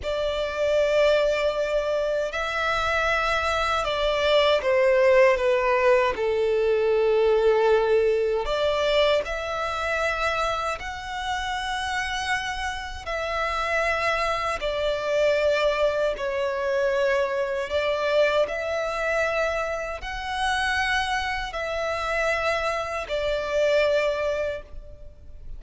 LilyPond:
\new Staff \with { instrumentName = "violin" } { \time 4/4 \tempo 4 = 78 d''2. e''4~ | e''4 d''4 c''4 b'4 | a'2. d''4 | e''2 fis''2~ |
fis''4 e''2 d''4~ | d''4 cis''2 d''4 | e''2 fis''2 | e''2 d''2 | }